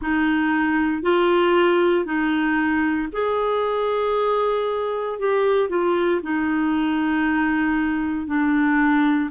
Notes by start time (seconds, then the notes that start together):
0.01 D#4
1.02 F4
2.05 D#4
3.12 G#4
5.19 G4
5.69 F4
6.22 D#4
8.26 D4